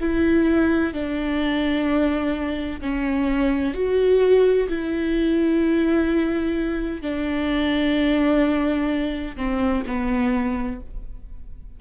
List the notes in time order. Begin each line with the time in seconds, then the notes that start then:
0.00 E4
0.93 D4
2.81 C#4
3.74 F#4
4.68 E4
7.02 D4
9.37 C4
9.87 B3